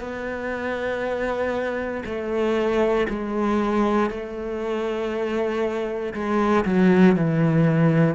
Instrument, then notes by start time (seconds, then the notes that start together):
cello
0.00 B3
2.05 A3
3.09 G#3
4.10 A3
6.14 G#3
6.65 F#3
7.16 E3